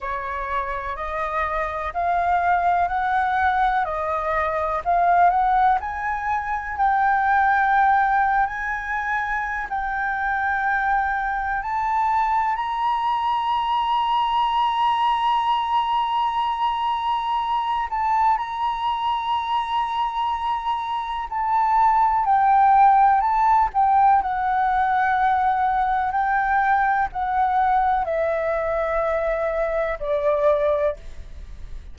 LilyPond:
\new Staff \with { instrumentName = "flute" } { \time 4/4 \tempo 4 = 62 cis''4 dis''4 f''4 fis''4 | dis''4 f''8 fis''8 gis''4 g''4~ | g''8. gis''4~ gis''16 g''2 | a''4 ais''2.~ |
ais''2~ ais''8 a''8 ais''4~ | ais''2 a''4 g''4 | a''8 g''8 fis''2 g''4 | fis''4 e''2 d''4 | }